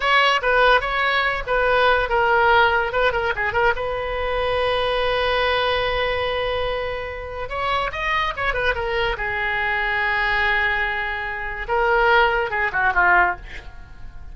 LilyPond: \new Staff \with { instrumentName = "oboe" } { \time 4/4 \tempo 4 = 144 cis''4 b'4 cis''4. b'8~ | b'4 ais'2 b'8 ais'8 | gis'8 ais'8 b'2.~ | b'1~ |
b'2 cis''4 dis''4 | cis''8 b'8 ais'4 gis'2~ | gis'1 | ais'2 gis'8 fis'8 f'4 | }